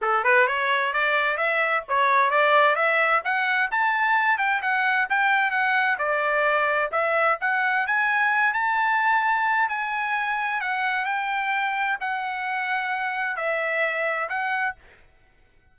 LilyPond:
\new Staff \with { instrumentName = "trumpet" } { \time 4/4 \tempo 4 = 130 a'8 b'8 cis''4 d''4 e''4 | cis''4 d''4 e''4 fis''4 | a''4. g''8 fis''4 g''4 | fis''4 d''2 e''4 |
fis''4 gis''4. a''4.~ | a''4 gis''2 fis''4 | g''2 fis''2~ | fis''4 e''2 fis''4 | }